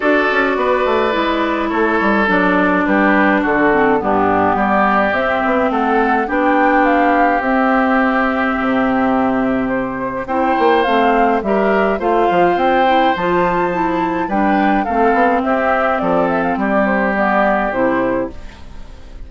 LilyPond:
<<
  \new Staff \with { instrumentName = "flute" } { \time 4/4 \tempo 4 = 105 d''2. cis''4 | d''4 b'4 a'4 g'4 | d''4 e''4 fis''4 g''4 | f''4 e''2.~ |
e''4 c''4 g''4 f''4 | e''4 f''4 g''4 a''4~ | a''4 g''4 f''4 e''4 | d''8 e''16 f''16 d''8 c''8 d''4 c''4 | }
  \new Staff \with { instrumentName = "oboe" } { \time 4/4 a'4 b'2 a'4~ | a'4 g'4 fis'4 d'4 | g'2 a'4 g'4~ | g'1~ |
g'2 c''2 | ais'4 c''2.~ | c''4 b'4 a'4 g'4 | a'4 g'2. | }
  \new Staff \with { instrumentName = "clarinet" } { \time 4/4 fis'2 e'2 | d'2~ d'8 c'8 b4~ | b4 c'2 d'4~ | d'4 c'2.~ |
c'2 e'4 c'4 | g'4 f'4. e'8 f'4 | e'4 d'4 c'2~ | c'2 b4 e'4 | }
  \new Staff \with { instrumentName = "bassoon" } { \time 4/4 d'8 cis'8 b8 a8 gis4 a8 g8 | fis4 g4 d4 g,4 | g4 c'8 b8 a4 b4~ | b4 c'2 c4~ |
c2 c'8 ais8 a4 | g4 a8 f8 c'4 f4~ | f4 g4 a8 b8 c'4 | f4 g2 c4 | }
>>